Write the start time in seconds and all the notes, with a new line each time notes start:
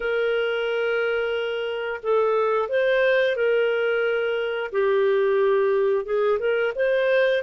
0.00 A#4
2.02 A4
2.68 C5
3.36 A#4
4.72 G4
6.05 G#4
6.39 A#4
6.75 C5